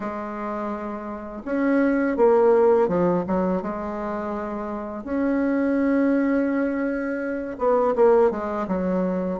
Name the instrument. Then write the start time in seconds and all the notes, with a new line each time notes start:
bassoon
0.00 G#3
1.45 C#4
2.17 A#3
2.88 F3
3.27 F#3
3.61 G#3
5.04 C#4
7.58 B3
7.95 A#3
8.30 G#3
8.67 F#3